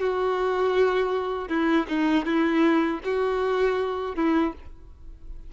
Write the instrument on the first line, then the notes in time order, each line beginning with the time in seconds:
violin
0.00 F#4
1.49 E4
1.89 D#4
2.26 E4
3.05 F#4
4.16 E4